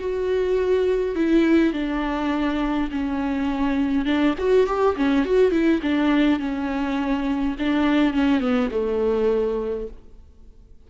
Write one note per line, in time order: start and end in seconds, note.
0.00 1.16 F#4
1.16 1.74 E4
1.74 2.90 D4
2.92 4.06 C#4
4.06 4.35 D4
4.38 4.67 F#4
4.67 4.96 G4
4.97 5.26 C#4
5.26 5.52 F#4
5.52 5.81 E4
5.83 6.40 D4
6.40 7.56 C#4
7.59 8.14 D4
8.14 8.41 C#4
8.41 8.70 B3
8.71 9.88 A3